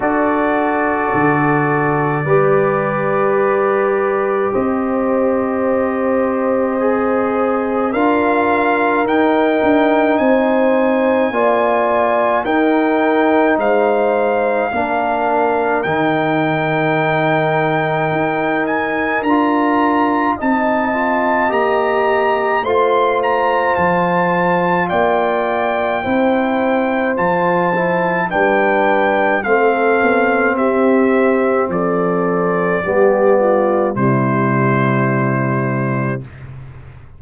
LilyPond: <<
  \new Staff \with { instrumentName = "trumpet" } { \time 4/4 \tempo 4 = 53 d''1 | dis''2. f''4 | g''4 gis''2 g''4 | f''2 g''2~ |
g''8 gis''8 ais''4 a''4 ais''4 | c'''8 ais''8 a''4 g''2 | a''4 g''4 f''4 e''4 | d''2 c''2 | }
  \new Staff \with { instrumentName = "horn" } { \time 4/4 a'2 b'2 | c''2. ais'4~ | ais'4 c''4 d''4 ais'4 | c''4 ais'2.~ |
ais'2 dis''2 | c''2 d''4 c''4~ | c''4 b'4 a'4 g'4 | a'4 g'8 f'8 e'2 | }
  \new Staff \with { instrumentName = "trombone" } { \time 4/4 fis'2 g'2~ | g'2 gis'4 f'4 | dis'2 f'4 dis'4~ | dis'4 d'4 dis'2~ |
dis'4 f'4 dis'8 f'8 g'4 | f'2. e'4 | f'8 e'8 d'4 c'2~ | c'4 b4 g2 | }
  \new Staff \with { instrumentName = "tuba" } { \time 4/4 d'4 d4 g2 | c'2. d'4 | dis'8 d'8 c'4 ais4 dis'4 | gis4 ais4 dis2 |
dis'4 d'4 c'4 ais4 | a4 f4 ais4 c'4 | f4 g4 a8 b8 c'4 | f4 g4 c2 | }
>>